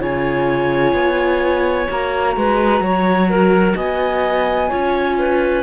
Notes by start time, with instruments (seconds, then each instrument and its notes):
0.00 cello C#3, viola F4, clarinet C#5, flute G#5
0.94 cello B3
1.91 cello A#3, viola F#4, flute A#5
2.37 cello G#3, clarinet B4
2.81 cello F#3, clarinet C#5
3.30 clarinet A#4
3.76 cello B3, clarinet D#5, flute G#5
4.70 cello C#4, viola F4, clarinet C#5
5.19 clarinet B4